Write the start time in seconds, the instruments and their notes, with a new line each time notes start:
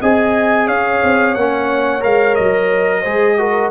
0.00 tuba C4, trombone G#4, horn D#5, trumpet G#5
0.67 tuba C#4, horn C#5, trumpet F5
1.03 tuba C4
1.34 tuba A#3, trombone C#4, trumpet F#5
2.00 tuba G#3, trombone A#4, trumpet F5
2.35 tuba F#3, trumpet D#5
3.01 tuba G#3, trombone G#4, horn C5
3.38 trombone F#4, horn A#4